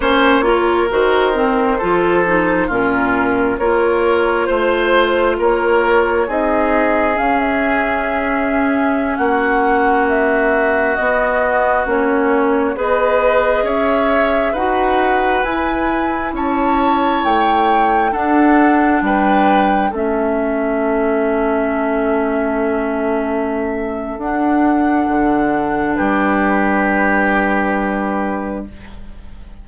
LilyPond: <<
  \new Staff \with { instrumentName = "flute" } { \time 4/4 \tempo 4 = 67 cis''4 c''2 ais'4 | cis''4 c''4 cis''4 dis''4 | f''16 e''2 fis''4 e''8.~ | e''16 dis''4 cis''4 dis''4 e''8.~ |
e''16 fis''4 gis''4 a''4 g''8.~ | g''16 fis''4 g''4 e''4.~ e''16~ | e''2. fis''4~ | fis''4 b'2. | }
  \new Staff \with { instrumentName = "oboe" } { \time 4/4 c''8 ais'4. a'4 f'4 | ais'4 c''4 ais'4 gis'4~ | gis'2~ gis'16 fis'4.~ fis'16~ | fis'2~ fis'16 b'4 cis''8.~ |
cis''16 b'2 cis''4.~ cis''16~ | cis''16 a'4 b'4 a'4.~ a'16~ | a'1~ | a'4 g'2. | }
  \new Staff \with { instrumentName = "clarinet" } { \time 4/4 cis'8 f'8 fis'8 c'8 f'8 dis'8 cis'4 | f'2. dis'4 | cis'1~ | cis'16 b4 cis'4 gis'4.~ gis'16~ |
gis'16 fis'4 e'2~ e'8.~ | e'16 d'2 cis'4.~ cis'16~ | cis'2. d'4~ | d'1 | }
  \new Staff \with { instrumentName = "bassoon" } { \time 4/4 ais4 dis4 f4 ais,4 | ais4 a4 ais4 c'4 | cis'2~ cis'16 ais4.~ ais16~ | ais16 b4 ais4 b4 cis'8.~ |
cis'16 dis'4 e'4 cis'4 a8.~ | a16 d'4 g4 a4.~ a16~ | a2. d'4 | d4 g2. | }
>>